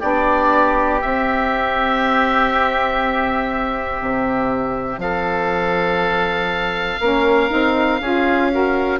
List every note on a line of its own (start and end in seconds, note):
0.00 1.03 B3
0.00 1.00 D4
0.00 5.00 G4
0.00 1.01 D5
1.00 7.00 C4
1.00 4.01 C4
1.00 5.01 E5
4.01 4.98 C3
4.98 6.98 F3
4.98 7.01 A4
4.98 9.00 F5
7.01 7.51 A#3
7.01 7.50 C#4
7.01 8.01 A#4
7.50 8.01 C4
7.50 8.00 D#4
8.01 9.00 C#4
8.01 8.51 F4
8.01 8.51 G#4
8.51 9.00 F#4
8.51 9.00 A#4